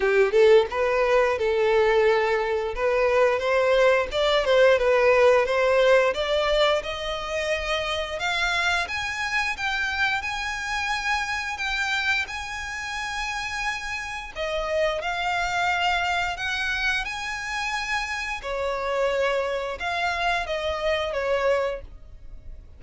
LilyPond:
\new Staff \with { instrumentName = "violin" } { \time 4/4 \tempo 4 = 88 g'8 a'8 b'4 a'2 | b'4 c''4 d''8 c''8 b'4 | c''4 d''4 dis''2 | f''4 gis''4 g''4 gis''4~ |
gis''4 g''4 gis''2~ | gis''4 dis''4 f''2 | fis''4 gis''2 cis''4~ | cis''4 f''4 dis''4 cis''4 | }